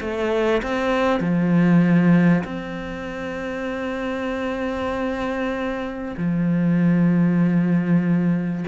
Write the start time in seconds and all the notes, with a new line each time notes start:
0.00 A3
0.62 C4
1.19 F3
2.43 C4
6.17 F3